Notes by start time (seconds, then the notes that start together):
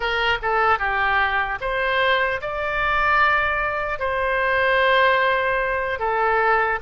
0.00 A#4
0.42 A4
0.78 G4
1.60 C5
2.41 D5
3.99 C5
5.99 A4